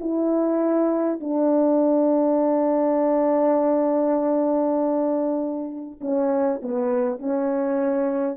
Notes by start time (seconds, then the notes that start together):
0.00 E4
1.20 D4
6.01 C#4
6.62 B3
7.19 C#4